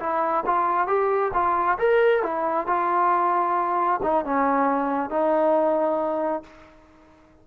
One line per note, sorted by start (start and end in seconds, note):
0.00 0.44 E4
0.46 0.87 F4
0.87 1.32 G4
1.34 1.78 F4
1.78 2.23 A#4
2.23 2.67 E4
2.67 4.00 F4
4.03 4.25 D#4
4.25 5.10 C#4
5.10 6.44 D#4